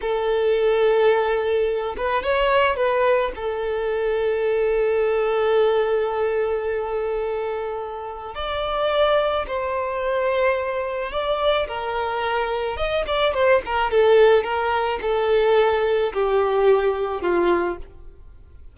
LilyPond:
\new Staff \with { instrumentName = "violin" } { \time 4/4 \tempo 4 = 108 a'2.~ a'8 b'8 | cis''4 b'4 a'2~ | a'1~ | a'2. d''4~ |
d''4 c''2. | d''4 ais'2 dis''8 d''8 | c''8 ais'8 a'4 ais'4 a'4~ | a'4 g'2 f'4 | }